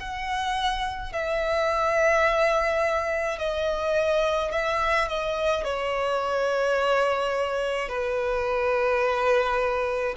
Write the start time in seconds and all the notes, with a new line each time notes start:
0.00 F#5
1.13 E5
3.39 D#5
4.52 E5
5.08 D#5
5.64 C#5
7.89 B4